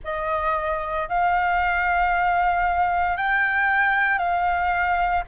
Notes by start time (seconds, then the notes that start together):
0.03 D#5
1.08 F5
3.16 G5
4.18 F5